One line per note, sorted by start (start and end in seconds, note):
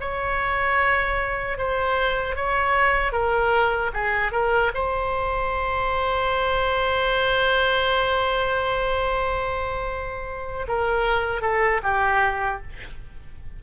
0.00 1.58 C#5
1.58 2.36 C5
2.36 3.12 C#5
3.12 3.91 A#4
3.93 4.32 G#4
4.32 4.72 A#4
4.74 10.67 C5
10.68 11.42 A#4
11.42 11.81 A4
11.83 12.62 G4